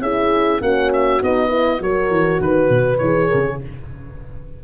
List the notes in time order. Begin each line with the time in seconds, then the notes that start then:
0.00 C#4 E4 G#4 E5
0.61 A#3 C#4 F#4 F#5
0.93 E5
1.20 B3 D#4 D#5
1.49 E4 B4
1.78 F#3 F#4 A#4 C#5
2.10 E3
2.40 D#3 B4
2.69 B2
2.98 E3 G#4 C#5
3.28 C#3 A#4
3.46 G#4